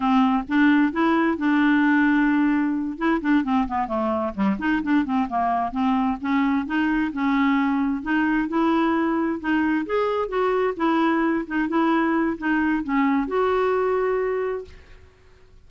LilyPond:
\new Staff \with { instrumentName = "clarinet" } { \time 4/4 \tempo 4 = 131 c'4 d'4 e'4 d'4~ | d'2~ d'8 e'8 d'8 c'8 | b8 a4 g8 dis'8 d'8 c'8 ais8~ | ais8 c'4 cis'4 dis'4 cis'8~ |
cis'4. dis'4 e'4.~ | e'8 dis'4 gis'4 fis'4 e'8~ | e'4 dis'8 e'4. dis'4 | cis'4 fis'2. | }